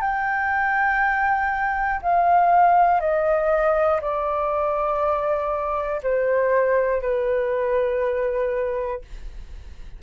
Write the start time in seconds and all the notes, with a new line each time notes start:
0.00 G5
2.02 F5
3.00 D#5
4.01 D5
6.02 C5
7.01 B4